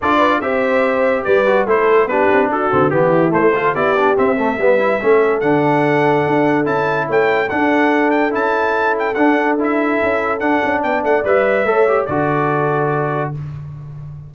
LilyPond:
<<
  \new Staff \with { instrumentName = "trumpet" } { \time 4/4 \tempo 4 = 144 d''4 e''2 d''4 | c''4 b'4 a'4 g'4 | c''4 d''4 e''2~ | e''4 fis''2. |
a''4 g''4 fis''4. g''8 | a''4. g''8 fis''4 e''4~ | e''4 fis''4 g''8 fis''8 e''4~ | e''4 d''2. | }
  \new Staff \with { instrumentName = "horn" } { \time 4/4 a'8 b'8 c''2 b'4 | a'4 g'4 fis'4 e'4~ | e'8 a'8 g'4. a'8 b'4 | a'1~ |
a'4 cis''4 a'2~ | a'1~ | a'2 d''2 | cis''4 a'2. | }
  \new Staff \with { instrumentName = "trombone" } { \time 4/4 f'4 g'2~ g'8 fis'8 | e'4 d'4. c'8 b4 | a8 f'8 e'8 d'8 c'8 a8 b8 e'8 | cis'4 d'2. |
e'2 d'2 | e'2 d'4 e'4~ | e'4 d'2 b'4 | a'8 g'8 fis'2. | }
  \new Staff \with { instrumentName = "tuba" } { \time 4/4 d'4 c'2 g4 | a4 b8 c'8 d'8 d8 e4 | a4 b4 c'4 g4 | a4 d2 d'4 |
cis'4 a4 d'2 | cis'2 d'2 | cis'4 d'8 cis'8 b8 a8 g4 | a4 d2. | }
>>